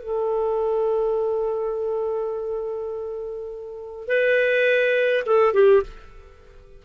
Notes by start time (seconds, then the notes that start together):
0.00 A4
4.08 B4
5.26 A4
5.54 G4